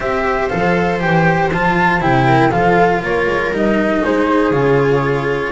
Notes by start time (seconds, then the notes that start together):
0.00 C4 G4 C5 E5
0.48 F3 A4 F5
1.00 E3 G4 G5
1.52 F3 F4 A5
2.00 C3 E4 G5
2.26 A#4
2.51 F3 F4 A4 F5
3.02 A#3 A#4 C#5
3.27 G#3
3.51 G3 D#4 D#5
4.04 G#3 G#4 C5
4.50 C#3 F4 C#5